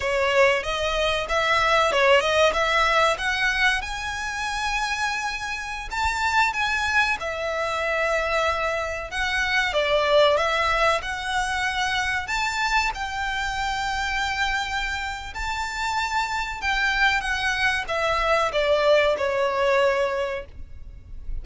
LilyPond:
\new Staff \with { instrumentName = "violin" } { \time 4/4 \tempo 4 = 94 cis''4 dis''4 e''4 cis''8 dis''8 | e''4 fis''4 gis''2~ | gis''4~ gis''16 a''4 gis''4 e''8.~ | e''2~ e''16 fis''4 d''8.~ |
d''16 e''4 fis''2 a''8.~ | a''16 g''2.~ g''8. | a''2 g''4 fis''4 | e''4 d''4 cis''2 | }